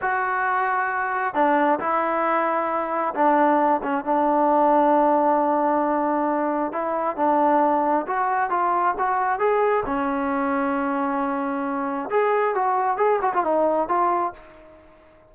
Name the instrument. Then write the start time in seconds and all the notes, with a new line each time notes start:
trombone
0.01 F#4
1.34 D4
1.79 E4
3.14 D4
3.83 C#4
4.04 D4
6.72 E4
7.16 D4
8.07 F#4
8.50 F4
8.98 F#4
9.39 G#4
9.85 C#4
12.10 G#4
12.55 F#4
12.97 G#4
13.21 F#4
13.33 F4
13.43 D#4
13.88 F4